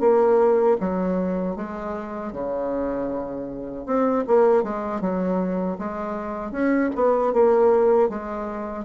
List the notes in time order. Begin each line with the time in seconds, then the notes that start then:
0.00 A#3
0.80 F#3
1.56 G#3
2.33 C#3
3.86 C4
4.27 A#3
4.63 G#3
5.00 F#3
5.78 G#3
6.51 C#4
6.95 B3
7.33 A#3
8.09 G#3